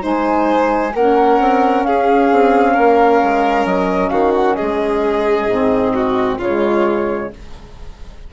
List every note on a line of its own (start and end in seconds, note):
0.00 0.94 G#3
0.00 0.91 D#4
0.00 0.93 C5
0.00 0.95 G#5
0.94 1.39 A#3
0.94 5.50 C#4
0.94 1.87 A#4
0.94 1.84 F#5
1.39 1.84 C4
1.84 2.29 C#4
1.84 2.73 G#4
1.84 3.66 F5
2.32 2.77 C4
2.73 3.23 A#3
2.73 4.10 A#4
3.23 3.66 G#3
3.66 4.11 F#3
3.66 4.09 D#5
4.09 4.57 D#3
4.09 4.56 F#4
4.09 4.32 F5
4.35 4.55 F#5
4.55 5.93 G#4
4.55 6.37 D#5
4.62 5.47 G#3
5.47 6.38 G#2
5.47 6.41 C4
5.94 6.38 F#4
6.38 7.30 C#3
6.38 7.33 G#3
6.38 7.29 F4
6.38 7.33 C#5